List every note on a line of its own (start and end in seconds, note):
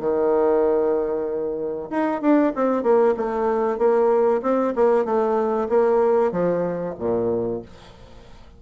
0.00 1.89 D#3
1.91 2.22 D#4
2.22 2.53 D4
2.56 2.83 C4
2.83 3.15 A#3
3.17 3.78 A3
3.78 4.42 A#3
4.42 4.74 C4
4.76 5.05 A#3
5.05 5.68 A3
5.69 6.32 A#3
6.32 6.95 F3
6.99 7.62 A#2